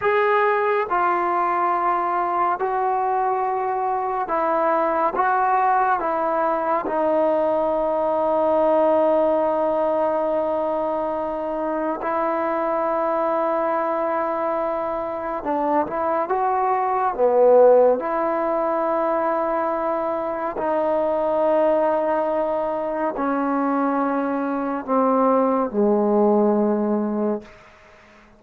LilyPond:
\new Staff \with { instrumentName = "trombone" } { \time 4/4 \tempo 4 = 70 gis'4 f'2 fis'4~ | fis'4 e'4 fis'4 e'4 | dis'1~ | dis'2 e'2~ |
e'2 d'8 e'8 fis'4 | b4 e'2. | dis'2. cis'4~ | cis'4 c'4 gis2 | }